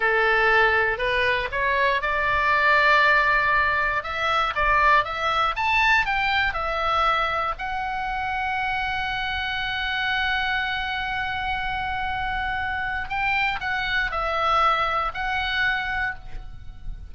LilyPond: \new Staff \with { instrumentName = "oboe" } { \time 4/4 \tempo 4 = 119 a'2 b'4 cis''4 | d''1 | e''4 d''4 e''4 a''4 | g''4 e''2 fis''4~ |
fis''1~ | fis''1~ | fis''2 g''4 fis''4 | e''2 fis''2 | }